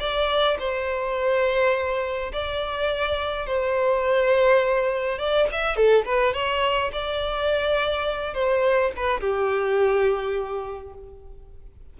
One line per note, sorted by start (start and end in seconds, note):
0.00 0.58 D5
0.60 2.33 C5
2.33 3.47 D5
3.47 5.19 C5
5.19 5.48 D5
5.52 5.76 E5
5.76 6.05 A4
6.06 6.34 B4
6.34 6.92 C#5
6.93 8.34 D5
8.34 8.92 C5
8.97 9.21 B4
9.21 10.94 G4